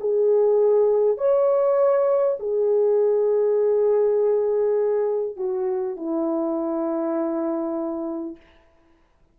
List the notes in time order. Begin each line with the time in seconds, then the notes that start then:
0.00 G#4
1.18 C#5
2.39 G#4
5.36 F#4
5.96 E4